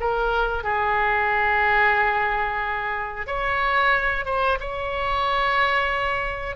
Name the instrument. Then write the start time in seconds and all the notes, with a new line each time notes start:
oboe
0.00 A#4
0.64 G#4
3.27 C#5
4.25 C5
4.60 C#5